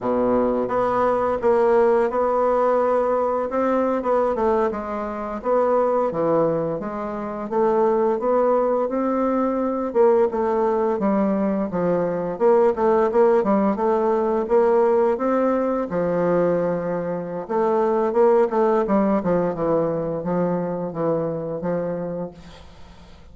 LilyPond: \new Staff \with { instrumentName = "bassoon" } { \time 4/4 \tempo 4 = 86 b,4 b4 ais4 b4~ | b4 c'8. b8 a8 gis4 b16~ | b8. e4 gis4 a4 b16~ | b8. c'4. ais8 a4 g16~ |
g8. f4 ais8 a8 ais8 g8 a16~ | a8. ais4 c'4 f4~ f16~ | f4 a4 ais8 a8 g8 f8 | e4 f4 e4 f4 | }